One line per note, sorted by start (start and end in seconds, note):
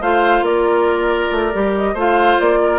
0.00 0.41 A3
0.00 1.53 F4
0.00 0.44 C5
0.00 0.44 F5
0.41 1.27 A#3
0.41 1.73 D5
0.47 1.93 A#4
1.31 1.53 A3
1.53 1.93 G3
1.53 1.96 G4
1.76 1.97 D#5
1.93 2.37 A3
1.93 2.79 F4
1.93 2.58 C5
1.93 2.39 F5
2.39 2.79 A#3
2.39 2.79 D5
2.63 2.79 A#4